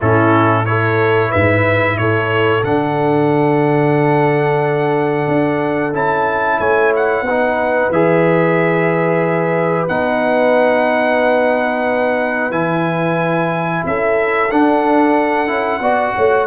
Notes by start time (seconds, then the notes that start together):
0.00 A2 C#4 E4 A4
0.65 E4 A4 C#5
1.30 G#2 B4 E5
1.97 A2 A4 C#5
2.63 D3 D4 F#5
5.28 D4
5.93 C#4 E4 A5
6.59 A3 C#5 G#5
6.95 F#5
7.21 B3 B4
7.29 D#4
7.90 E3 G#4 E5
9.87 B3 D#4 F#5
12.50 E3 E4 G#5
13.85 C#4 A4 E5
14.51 D4 F#5
15.47 C#4 E4
15.80 B3 F#4 D5
16.15 A3 C#5